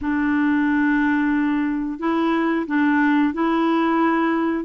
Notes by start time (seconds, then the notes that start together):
0.01 D4
1.99 E4
2.66 D4
3.33 E4